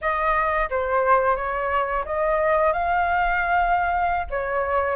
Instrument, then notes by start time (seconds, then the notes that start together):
flute
0.01 D#5
0.70 C5
1.36 C#5
2.05 D#5
2.72 F5
4.30 C#5